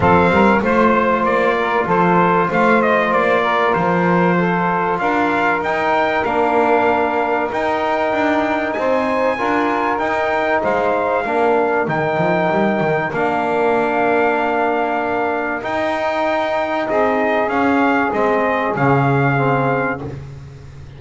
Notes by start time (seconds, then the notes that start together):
0.00 F3 C4 A4 F5
0.29 G3 A#4
0.61 A3 F4 C5
1.23 A#3 D5
1.59 A#4
1.85 F3 A4 C5
2.48 A3 C5 F5
2.82 D#5
3.11 A#3 D5
3.42 A#4
3.73 F3 C5
4.37 A4
4.99 D4 A#4 F5
5.60 D#4 G5
6.24 A#3 D4 F5
7.51 D#4 G5
8.12 D4
8.72 C4 C5 G#5
9.37 D4 F4 A#4
9.98 D#4 G5
10.62 G#3 C5 F5
11.24 A#3 D4 A#4
11.87 D#3 D#4 G5
12.17 F3
12.51 G3
12.80 D#3
13.12 A#3 D4 F5
15.62 D#4 G5
16.87 C4 G#4 D#5
17.47 C#4 F5
18.12 G#3 C4 D#5
18.76 C#3 C#4 F5
19.36 C4